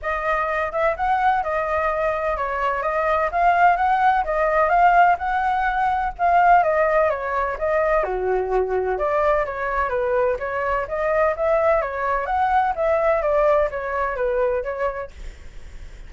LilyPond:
\new Staff \with { instrumentName = "flute" } { \time 4/4 \tempo 4 = 127 dis''4. e''8 fis''4 dis''4~ | dis''4 cis''4 dis''4 f''4 | fis''4 dis''4 f''4 fis''4~ | fis''4 f''4 dis''4 cis''4 |
dis''4 fis'2 d''4 | cis''4 b'4 cis''4 dis''4 | e''4 cis''4 fis''4 e''4 | d''4 cis''4 b'4 cis''4 | }